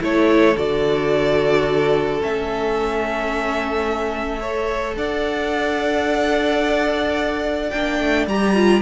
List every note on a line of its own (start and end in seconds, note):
0.00 0.56 A3
0.00 0.55 E4
0.00 4.40 A4
0.00 0.57 C#5
0.56 2.22 D3
0.56 2.20 F#4
0.56 2.22 D5
2.20 4.96 A3
2.20 4.40 C#4
2.20 4.97 E5
4.40 7.71 A4
4.40 4.95 C#5
4.96 7.72 D4
4.96 8.82 D5
4.96 7.70 F#5
7.70 8.00 A#3
7.70 8.28 D4
7.70 8.25 G5
8.00 8.27 A3
8.27 8.82 G3
8.27 8.55 G4
8.27 8.82 A#5
8.55 8.82 F4